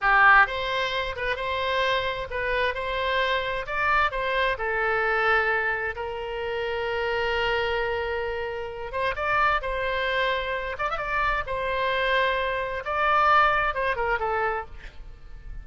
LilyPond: \new Staff \with { instrumentName = "oboe" } { \time 4/4 \tempo 4 = 131 g'4 c''4. b'8 c''4~ | c''4 b'4 c''2 | d''4 c''4 a'2~ | a'4 ais'2.~ |
ais'2.~ ais'8 c''8 | d''4 c''2~ c''8 d''16 e''16 | d''4 c''2. | d''2 c''8 ais'8 a'4 | }